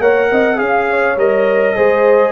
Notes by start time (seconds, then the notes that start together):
0.00 A#3 A#4 C#5 F#5
0.32 C4 D#5
0.57 C#4 G#4 F5
0.90 C#5
1.17 G3 A#4 D#5
1.76 G#3 G#4 C5